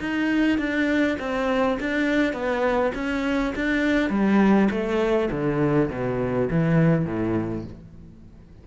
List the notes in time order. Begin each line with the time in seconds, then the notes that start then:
0.00 D#4
0.58 D4
1.19 C4
1.80 D4
2.33 B3
2.95 C#4
3.55 D4
4.10 G3
4.71 A3
5.31 D3
5.90 B2
6.50 E3
7.06 A2